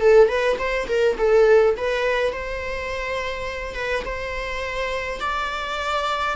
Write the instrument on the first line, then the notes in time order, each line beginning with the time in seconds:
viola
0.00 A4
0.28 B4
0.58 C5
0.87 A#4
1.17 A4
1.77 B4
2.32 C5
3.74 B4
4.05 C5
5.20 D5